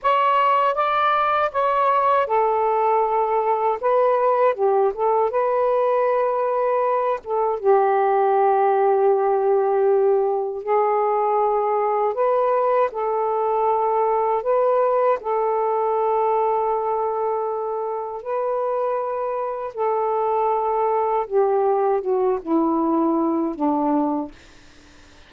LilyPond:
\new Staff \with { instrumentName = "saxophone" } { \time 4/4 \tempo 4 = 79 cis''4 d''4 cis''4 a'4~ | a'4 b'4 g'8 a'8 b'4~ | b'4. a'8 g'2~ | g'2 gis'2 |
b'4 a'2 b'4 | a'1 | b'2 a'2 | g'4 fis'8 e'4. d'4 | }